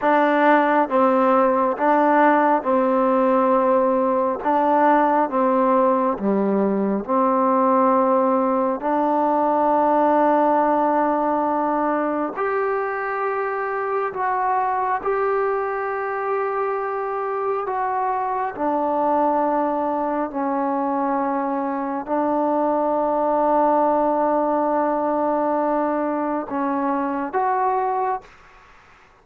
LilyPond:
\new Staff \with { instrumentName = "trombone" } { \time 4/4 \tempo 4 = 68 d'4 c'4 d'4 c'4~ | c'4 d'4 c'4 g4 | c'2 d'2~ | d'2 g'2 |
fis'4 g'2. | fis'4 d'2 cis'4~ | cis'4 d'2.~ | d'2 cis'4 fis'4 | }